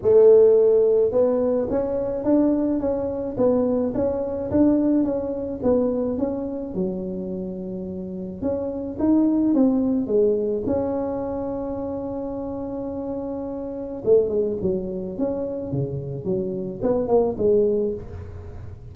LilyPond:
\new Staff \with { instrumentName = "tuba" } { \time 4/4 \tempo 4 = 107 a2 b4 cis'4 | d'4 cis'4 b4 cis'4 | d'4 cis'4 b4 cis'4 | fis2. cis'4 |
dis'4 c'4 gis4 cis'4~ | cis'1~ | cis'4 a8 gis8 fis4 cis'4 | cis4 fis4 b8 ais8 gis4 | }